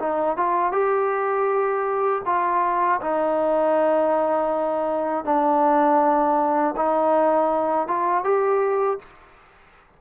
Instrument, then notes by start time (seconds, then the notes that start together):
trombone
0.00 D#4
0.37 F4
0.72 G4
2.26 F4
3.01 D#4
5.25 D4
6.77 D#4
7.88 F4
8.24 G4